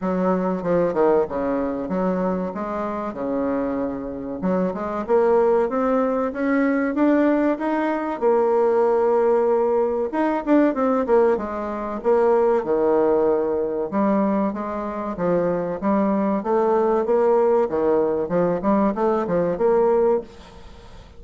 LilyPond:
\new Staff \with { instrumentName = "bassoon" } { \time 4/4 \tempo 4 = 95 fis4 f8 dis8 cis4 fis4 | gis4 cis2 fis8 gis8 | ais4 c'4 cis'4 d'4 | dis'4 ais2. |
dis'8 d'8 c'8 ais8 gis4 ais4 | dis2 g4 gis4 | f4 g4 a4 ais4 | dis4 f8 g8 a8 f8 ais4 | }